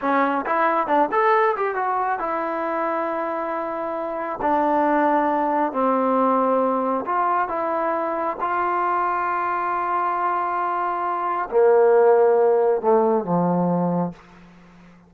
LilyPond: \new Staff \with { instrumentName = "trombone" } { \time 4/4 \tempo 4 = 136 cis'4 e'4 d'8 a'4 g'8 | fis'4 e'2.~ | e'2 d'2~ | d'4 c'2. |
f'4 e'2 f'4~ | f'1~ | f'2 ais2~ | ais4 a4 f2 | }